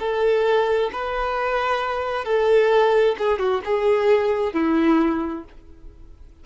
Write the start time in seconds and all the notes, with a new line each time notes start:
0.00 A4
0.93 B4
2.25 A4
3.19 G#4
3.39 F#4
3.65 G#4
4.54 E4